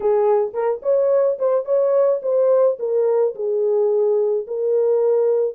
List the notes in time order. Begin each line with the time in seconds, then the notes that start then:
0.00 G#4
0.53 A#4
0.82 C#5
1.38 C5
1.65 C#5
2.22 C5
2.79 A#4
3.35 G#4
4.47 A#4